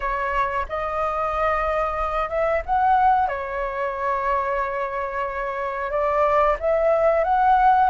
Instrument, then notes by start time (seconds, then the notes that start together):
flute
0.00 C#5
0.68 D#5
2.29 E5
2.65 F#5
3.28 C#5
5.90 D5
6.59 E5
7.23 F#5